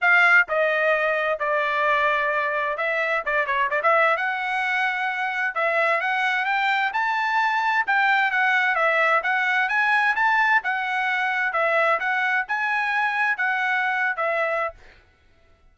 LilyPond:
\new Staff \with { instrumentName = "trumpet" } { \time 4/4 \tempo 4 = 130 f''4 dis''2 d''4~ | d''2 e''4 d''8 cis''8 | d''16 e''8. fis''2. | e''4 fis''4 g''4 a''4~ |
a''4 g''4 fis''4 e''4 | fis''4 gis''4 a''4 fis''4~ | fis''4 e''4 fis''4 gis''4~ | gis''4 fis''4.~ fis''16 e''4~ e''16 | }